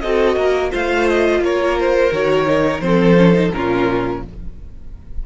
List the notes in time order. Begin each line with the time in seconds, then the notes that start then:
0.00 C4 F#4 A4 D#5
0.35 A#3 A#4
0.70 A3 F4 C5 F5
1.08 D#5
1.39 A#3 A#4 C#5
1.79 C5
2.11 D#3 F#4 C#5
2.46 D#4
2.80 F3 C4 A4 C5
3.16 C#4
3.33 D#4
3.52 A#2 C#4 F4 A#4